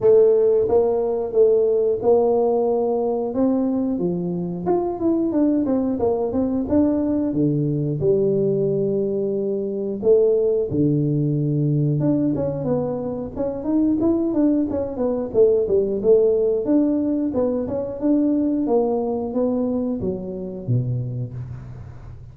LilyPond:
\new Staff \with { instrumentName = "tuba" } { \time 4/4 \tempo 4 = 90 a4 ais4 a4 ais4~ | ais4 c'4 f4 f'8 e'8 | d'8 c'8 ais8 c'8 d'4 d4 | g2. a4 |
d2 d'8 cis'8 b4 | cis'8 dis'8 e'8 d'8 cis'8 b8 a8 g8 | a4 d'4 b8 cis'8 d'4 | ais4 b4 fis4 b,4 | }